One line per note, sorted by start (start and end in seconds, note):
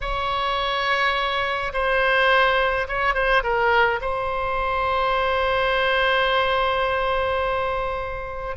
0.01 1.72 C#5
1.73 2.87 C5
2.88 3.14 C#5
3.14 3.42 C5
3.43 4.00 A#4
4.01 8.56 C5